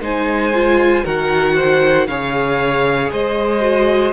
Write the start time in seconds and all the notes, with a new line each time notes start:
0.00 G#3 D#4 C5 G#5
0.53 F4
1.04 D#3 F#4 A#4 F#5
1.55 C5
2.07 C#3 G#4 C#5 F5
3.12 G#3 C5 D#5
3.60 F#4